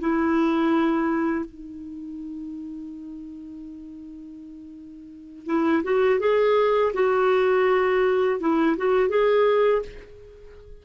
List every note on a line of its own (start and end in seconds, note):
0.00 1.45 E4
1.45 5.46 D#4
5.46 5.83 E4
5.84 6.20 F#4
6.20 6.93 G#4
6.93 8.40 F#4
8.40 8.76 E4
8.77 9.09 F#4
9.09 9.82 G#4